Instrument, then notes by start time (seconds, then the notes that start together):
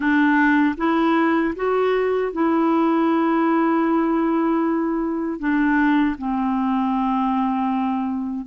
clarinet
0.00 D4
0.77 E4
1.55 F#4
2.32 E4
5.39 D4
6.18 C4